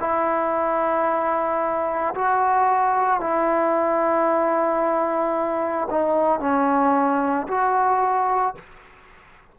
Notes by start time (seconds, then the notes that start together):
0.00 E4
2.15 F#4
3.20 E4
5.91 D#4
6.40 C#4
7.48 F#4